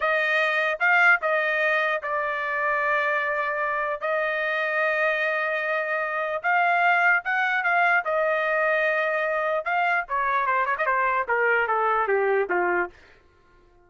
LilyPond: \new Staff \with { instrumentName = "trumpet" } { \time 4/4 \tempo 4 = 149 dis''2 f''4 dis''4~ | dis''4 d''2.~ | d''2 dis''2~ | dis''1 |
f''2 fis''4 f''4 | dis''1 | f''4 cis''4 c''8 cis''16 dis''16 c''4 | ais'4 a'4 g'4 f'4 | }